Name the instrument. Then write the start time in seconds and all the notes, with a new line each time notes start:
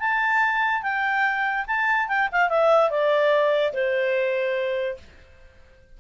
clarinet
0.00 A5
0.83 G5
1.67 A5
2.08 G5
2.32 F5
2.49 E5
2.90 D5
3.73 C5